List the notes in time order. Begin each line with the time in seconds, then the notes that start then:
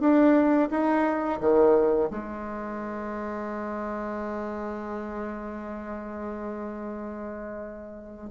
0.00 D4
0.70 D#4
1.40 D#3
2.10 G#3